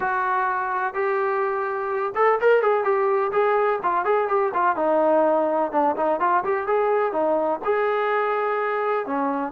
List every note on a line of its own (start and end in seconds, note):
0.00 0.94 F#4
0.94 2.13 G4
2.15 2.39 A4
2.40 2.62 A#4
2.62 2.83 G#4
2.83 3.31 G4
3.32 3.79 G#4
3.82 4.04 F4
4.04 4.28 G#4
4.28 4.52 G4
4.54 4.76 F4
4.76 5.71 D#4
5.71 5.95 D4
5.96 6.19 D#4
6.19 6.43 F4
6.44 6.66 G4
6.66 7.12 G#4
7.12 7.60 D#4
7.64 9.06 G#4
9.06 9.52 C#4